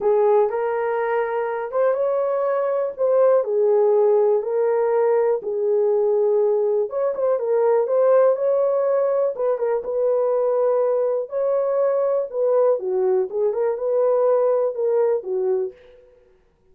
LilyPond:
\new Staff \with { instrumentName = "horn" } { \time 4/4 \tempo 4 = 122 gis'4 ais'2~ ais'8 c''8 | cis''2 c''4 gis'4~ | gis'4 ais'2 gis'4~ | gis'2 cis''8 c''8 ais'4 |
c''4 cis''2 b'8 ais'8 | b'2. cis''4~ | cis''4 b'4 fis'4 gis'8 ais'8 | b'2 ais'4 fis'4 | }